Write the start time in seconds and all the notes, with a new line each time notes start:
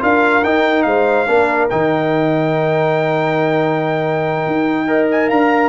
0.00 D4 F4 A#4 F5
0.44 D#4 G5
0.83 G#3 C5 F5
1.27 A#3 D4 A#4
1.70 D#3 D#4 G5
4.47 D#4
4.87 A#4 D#5
5.11 G#5
5.28 D4 F5 A#5